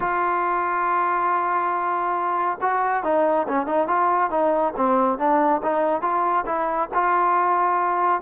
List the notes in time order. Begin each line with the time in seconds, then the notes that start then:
0.00 F4
2.61 F#4
3.03 D#4
3.47 C#4
3.66 D#4
3.87 F4
4.30 D#4
4.76 C4
5.18 D4
5.62 D#4
6.01 F4
6.46 E4
6.93 F4